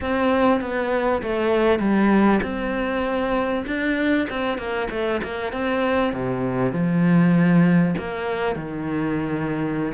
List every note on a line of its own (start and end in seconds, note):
0.01 0.60 C4
0.60 1.22 B3
1.22 1.79 A3
1.79 2.40 G3
2.42 3.65 C4
3.66 4.27 D4
4.29 4.58 C4
4.58 4.88 A#3
4.90 5.21 A3
5.23 5.52 A#3
5.52 6.13 C4
6.13 6.72 C3
6.72 7.94 F3
7.98 8.55 A#3
8.55 9.93 D#3